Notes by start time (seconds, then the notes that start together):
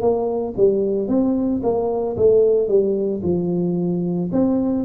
0.00 A#3
0.56 G3
1.08 C4
1.63 A#3
2.16 A3
2.67 G3
3.22 F3
4.31 C4